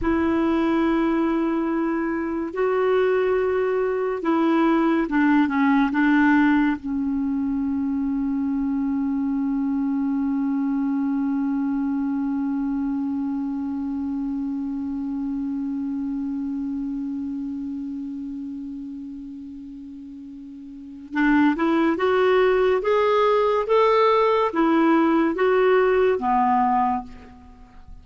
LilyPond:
\new Staff \with { instrumentName = "clarinet" } { \time 4/4 \tempo 4 = 71 e'2. fis'4~ | fis'4 e'4 d'8 cis'8 d'4 | cis'1~ | cis'1~ |
cis'1~ | cis'1~ | cis'4 d'8 e'8 fis'4 gis'4 | a'4 e'4 fis'4 b4 | }